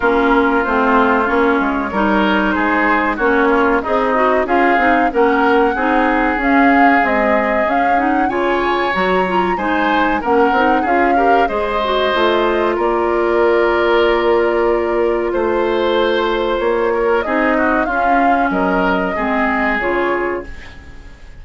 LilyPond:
<<
  \new Staff \with { instrumentName = "flute" } { \time 4/4 \tempo 4 = 94 ais'4 c''4 cis''2 | c''4 cis''4 dis''4 f''4 | fis''2 f''4 dis''4 | f''8 fis''8 gis''4 ais''4 gis''4 |
fis''4 f''4 dis''2 | d''1 | c''2 cis''4 dis''4 | f''4 dis''2 cis''4 | }
  \new Staff \with { instrumentName = "oboe" } { \time 4/4 f'2. ais'4 | gis'4 fis'8 f'8 dis'4 gis'4 | ais'4 gis'2.~ | gis'4 cis''2 c''4 |
ais'4 gis'8 ais'8 c''2 | ais'1 | c''2~ c''8 ais'8 gis'8 fis'8 | f'4 ais'4 gis'2 | }
  \new Staff \with { instrumentName = "clarinet" } { \time 4/4 cis'4 c'4 cis'4 dis'4~ | dis'4 cis'4 gis'8 fis'8 f'8 dis'8 | cis'4 dis'4 cis'4 gis4 | cis'8 dis'8 f'4 fis'8 f'8 dis'4 |
cis'8 dis'8 f'8 g'8 gis'8 fis'8 f'4~ | f'1~ | f'2. dis'4 | cis'2 c'4 f'4 | }
  \new Staff \with { instrumentName = "bassoon" } { \time 4/4 ais4 a4 ais8 gis8 g4 | gis4 ais4 c'4 cis'8 c'8 | ais4 c'4 cis'4 c'4 | cis'4 cis4 fis4 gis4 |
ais8 c'8 cis'4 gis4 a4 | ais1 | a2 ais4 c'4 | cis'4 fis4 gis4 cis4 | }
>>